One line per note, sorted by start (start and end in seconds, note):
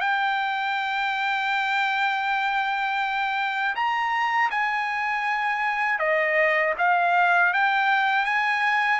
0.00 3.75 G5
3.75 4.50 A#5
4.51 5.99 G#5
5.99 6.74 D#5
6.78 7.53 F5
7.53 8.25 G5
8.25 9.00 G#5